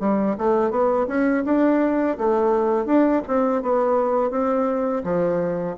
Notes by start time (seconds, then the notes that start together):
0.00 G3
0.38 A3
0.71 B3
1.08 C#4
1.45 D4
2.18 A3
2.86 D4
3.27 C4
3.62 B3
4.31 C4
5.04 F3